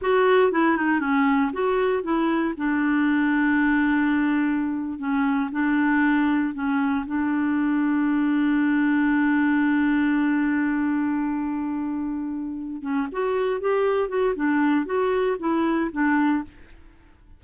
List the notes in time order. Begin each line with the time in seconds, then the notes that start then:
0.01 F#4
0.52 E4
0.77 D#4
1.00 C#4
1.52 F#4
2.03 E4
2.57 D4
4.99 C#4
5.51 D4
6.54 C#4
7.06 D4
12.82 C#4
13.11 F#4
13.60 G4
14.08 F#4
14.35 D4
14.85 F#4
15.39 E4
15.92 D4